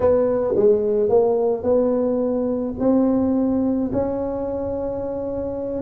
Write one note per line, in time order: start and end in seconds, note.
0.00 0.54 B3
0.56 1.09 G#3
1.09 1.63 A#3
1.63 2.74 B3
2.79 3.90 C4
3.92 5.82 C#4